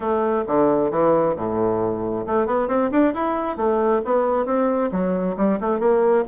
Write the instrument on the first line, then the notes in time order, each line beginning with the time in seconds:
bassoon
0.00 A3
0.47 D3
0.91 E3
1.36 A2
2.26 A3
2.46 B3
2.67 C4
2.91 D4
3.14 E4
3.56 A3
4.05 B3
4.45 C4
4.91 F#3
5.36 G3
5.60 A3
5.79 A#3